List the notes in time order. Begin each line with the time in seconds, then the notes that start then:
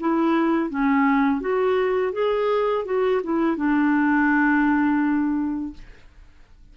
0.00 E4
0.70 C#4
1.41 F#4
2.13 G#4
2.85 F#4
3.23 E4
3.57 D4